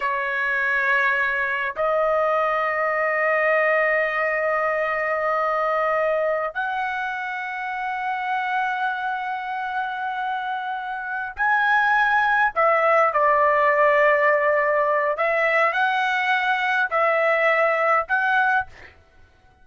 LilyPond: \new Staff \with { instrumentName = "trumpet" } { \time 4/4 \tempo 4 = 103 cis''2. dis''4~ | dis''1~ | dis''2.~ dis''16 fis''8.~ | fis''1~ |
fis''2.~ fis''8 gis''8~ | gis''4. e''4 d''4.~ | d''2 e''4 fis''4~ | fis''4 e''2 fis''4 | }